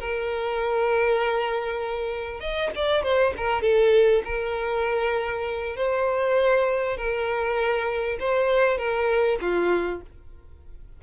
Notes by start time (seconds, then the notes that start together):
0.00 A#4
2.40 D#5
2.76 D5
3.03 C5
3.37 A#4
3.62 A4
4.25 A#4
5.77 C5
6.97 A#4
8.20 C5
8.78 A#4
9.41 F4